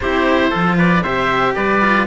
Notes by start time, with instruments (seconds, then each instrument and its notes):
0.00 cello C4 E4, trumpet G4, oboe C5
0.50 cello F3 F4, trumpet A4
0.77 trumpet B4, oboe D5
1.02 cello C3 G4, trumpet C5, oboe E5
1.55 cello G3, trumpet B4, oboe D5
1.81 cello F4